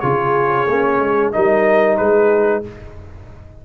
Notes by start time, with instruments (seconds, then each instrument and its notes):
0.00 tuba C#3, trombone F4, horn G#4, trumpet C#5
0.67 tuba A#3, trombone C#4
1.00 tuba G#3
1.32 tuba G3, trombone D#4, horn A#4, trumpet D#5
1.97 tuba G#3, horn G#4, trumpet B4